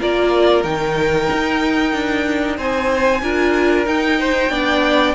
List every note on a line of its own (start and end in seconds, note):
0.00 0.64 A#3
0.00 0.64 F4
0.00 2.57 A#4
0.00 0.63 D5
0.63 1.28 D#3
0.63 3.22 D#4
0.63 2.56 G5
1.31 1.93 D#4
1.93 2.58 D4
2.57 3.22 C4
2.57 3.21 C5
2.57 3.86 G#5
3.22 3.86 D4
3.22 3.86 F4
3.22 4.19 A#4
3.86 4.50 D#4
3.86 4.51 D#4
3.86 5.15 G5
4.19 4.51 C5
4.50 5.14 B3
4.50 5.15 D4
4.50 5.15 D5